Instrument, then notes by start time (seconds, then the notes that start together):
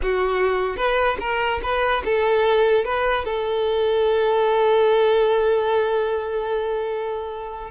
violin
0.02 F#4
0.76 B4
1.20 A#4
1.62 B4
2.04 A4
2.85 B4
3.24 A4